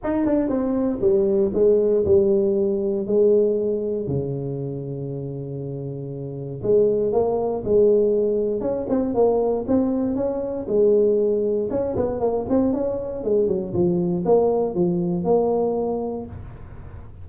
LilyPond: \new Staff \with { instrumentName = "tuba" } { \time 4/4 \tempo 4 = 118 dis'8 d'8 c'4 g4 gis4 | g2 gis2 | cis1~ | cis4 gis4 ais4 gis4~ |
gis4 cis'8 c'8 ais4 c'4 | cis'4 gis2 cis'8 b8 | ais8 c'8 cis'4 gis8 fis8 f4 | ais4 f4 ais2 | }